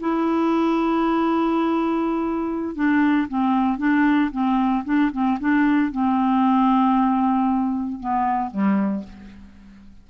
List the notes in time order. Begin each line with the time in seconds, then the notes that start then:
0.00 E4
2.75 D4
3.28 C4
3.78 D4
4.32 C4
4.85 D4
5.12 C4
5.40 D4
5.92 C4
8.00 B3
8.51 G3